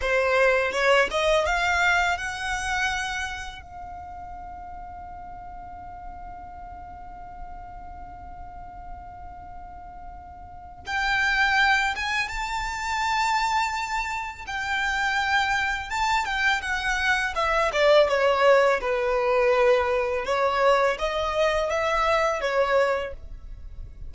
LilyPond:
\new Staff \with { instrumentName = "violin" } { \time 4/4 \tempo 4 = 83 c''4 cis''8 dis''8 f''4 fis''4~ | fis''4 f''2.~ | f''1~ | f''2. g''4~ |
g''8 gis''8 a''2. | g''2 a''8 g''8 fis''4 | e''8 d''8 cis''4 b'2 | cis''4 dis''4 e''4 cis''4 | }